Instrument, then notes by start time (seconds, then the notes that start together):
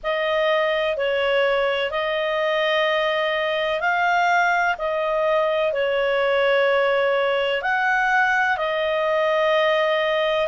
clarinet
0.03 D#5
0.96 C#5
1.90 D#5
3.80 F5
4.78 D#5
5.72 C#5
7.61 F#5
8.57 D#5